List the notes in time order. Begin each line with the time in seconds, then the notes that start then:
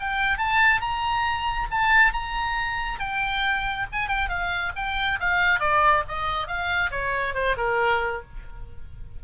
0.00 G5
0.38 A5
0.81 A#5
1.71 A5
2.13 A#5
3.00 G5
3.92 G#5
4.08 G5
4.29 F5
4.76 G5
5.20 F5
5.60 D5
6.08 D#5
6.47 F5
6.91 C#5
7.34 C5
7.57 A#4